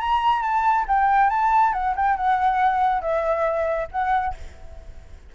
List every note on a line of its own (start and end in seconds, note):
0.00 0.42 A#5
0.42 0.85 A5
0.88 1.29 G5
1.29 1.73 A5
1.73 1.94 F#5
1.95 2.16 G5
2.16 3.01 F#5
3.01 3.88 E5
3.91 4.34 F#5